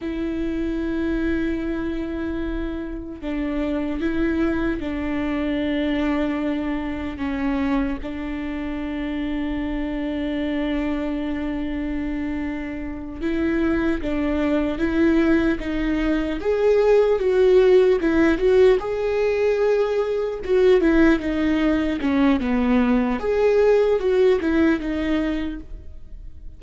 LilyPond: \new Staff \with { instrumentName = "viola" } { \time 4/4 \tempo 4 = 75 e'1 | d'4 e'4 d'2~ | d'4 cis'4 d'2~ | d'1~ |
d'8 e'4 d'4 e'4 dis'8~ | dis'8 gis'4 fis'4 e'8 fis'8 gis'8~ | gis'4. fis'8 e'8 dis'4 cis'8 | b4 gis'4 fis'8 e'8 dis'4 | }